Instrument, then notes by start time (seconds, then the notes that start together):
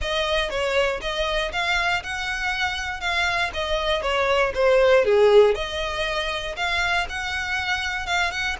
violin
0.01 D#5
0.50 C#5
1.01 D#5
1.52 F5
2.03 F#5
3.00 F5
3.53 D#5
4.02 C#5
4.54 C5
5.04 G#4
5.54 D#5
6.56 F5
7.09 F#5
8.06 F5
8.31 F#5